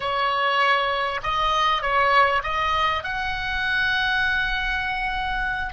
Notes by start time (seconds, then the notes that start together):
0.00 C#5
1.23 D#5
1.82 C#5
2.43 D#5
3.03 F#5